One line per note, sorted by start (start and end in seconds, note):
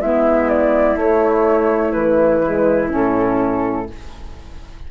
0.00 0.95 G#3
0.00 0.96 B3
0.00 3.88 E4
0.00 0.49 E5
0.49 0.97 D5
0.95 1.92 A3
0.95 2.42 A3
0.95 1.92 C#5
1.92 2.92 E3
1.92 2.89 B4
2.42 2.89 G#3
2.89 3.90 A2
2.89 3.86 C#4
2.89 3.91 A4